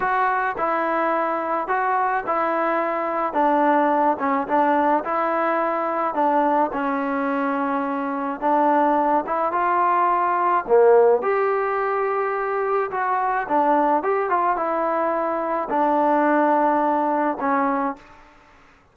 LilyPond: \new Staff \with { instrumentName = "trombone" } { \time 4/4 \tempo 4 = 107 fis'4 e'2 fis'4 | e'2 d'4. cis'8 | d'4 e'2 d'4 | cis'2. d'4~ |
d'8 e'8 f'2 ais4 | g'2. fis'4 | d'4 g'8 f'8 e'2 | d'2. cis'4 | }